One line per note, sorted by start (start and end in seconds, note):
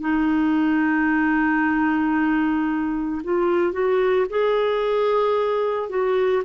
0.00 3.21 D#4
3.23 3.73 F4
3.73 4.26 F#4
4.30 5.89 G#4
5.89 6.43 F#4